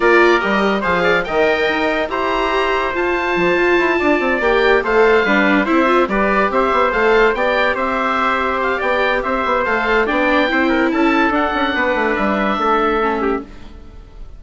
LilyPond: <<
  \new Staff \with { instrumentName = "oboe" } { \time 4/4 \tempo 4 = 143 d''4 dis''4 f''4 g''4~ | g''4 ais''2 a''4~ | a''2~ a''8 g''4 f''8~ | f''4. e''4 d''4 e''8~ |
e''8 f''4 g''4 e''4.~ | e''8 f''8 g''4 e''4 f''4 | g''2 a''4 fis''4~ | fis''4 e''2. | }
  \new Staff \with { instrumentName = "trumpet" } { \time 4/4 ais'2 c''8 d''8 dis''4~ | dis''4 c''2.~ | c''4. d''2 c''8~ | c''8 b'4 c''4 b'4 c''8~ |
c''4. d''4 c''4.~ | c''4 d''4 c''2 | d''4 c''8 ais'8 a'2 | b'2 a'4. g'8 | }
  \new Staff \with { instrumentName = "viola" } { \time 4/4 f'4 g'4 gis'4 ais'4~ | ais'4 g'2 f'4~ | f'2~ f'8 g'4 a'8~ | a'8 d'4 e'8 f'8 g'4.~ |
g'8 a'4 g'2~ g'8~ | g'2. a'4 | d'4 e'2 d'4~ | d'2. cis'4 | }
  \new Staff \with { instrumentName = "bassoon" } { \time 4/4 ais4 g4 f4 dis4 | dis'4 e'2 f'4 | f8 f'8 e'8 d'8 c'8 ais4 a8~ | a8 g4 c'4 g4 c'8 |
b8 a4 b4 c'4.~ | c'4 b4 c'8 b8 a4 | b4 c'4 cis'4 d'8 cis'8 | b8 a8 g4 a2 | }
>>